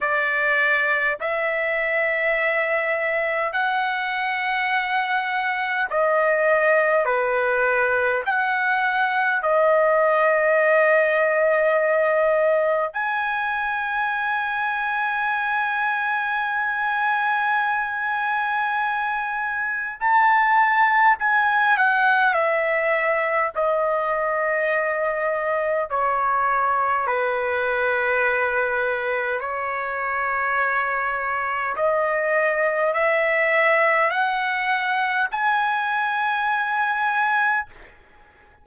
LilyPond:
\new Staff \with { instrumentName = "trumpet" } { \time 4/4 \tempo 4 = 51 d''4 e''2 fis''4~ | fis''4 dis''4 b'4 fis''4 | dis''2. gis''4~ | gis''1~ |
gis''4 a''4 gis''8 fis''8 e''4 | dis''2 cis''4 b'4~ | b'4 cis''2 dis''4 | e''4 fis''4 gis''2 | }